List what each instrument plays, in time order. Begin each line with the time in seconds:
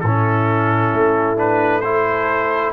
0.00 tuba A2, horn E4, trumpet A4
0.06 trombone C#4
0.93 tuba A3
1.37 trombone D4, trumpet B4
1.80 trombone E4, horn A4, trumpet C5